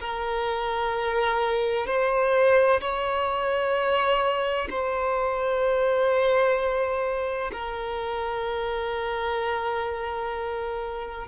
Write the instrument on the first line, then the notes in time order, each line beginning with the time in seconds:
violin
0.00 A#4
1.87 C5
2.81 C#5
4.70 C5
7.53 A#4